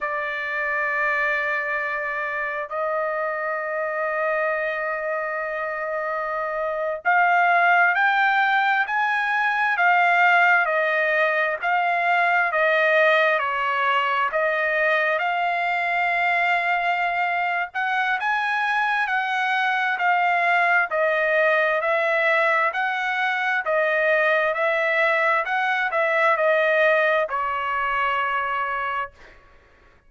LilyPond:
\new Staff \with { instrumentName = "trumpet" } { \time 4/4 \tempo 4 = 66 d''2. dis''4~ | dis''2.~ dis''8. f''16~ | f''8. g''4 gis''4 f''4 dis''16~ | dis''8. f''4 dis''4 cis''4 dis''16~ |
dis''8. f''2~ f''8. fis''8 | gis''4 fis''4 f''4 dis''4 | e''4 fis''4 dis''4 e''4 | fis''8 e''8 dis''4 cis''2 | }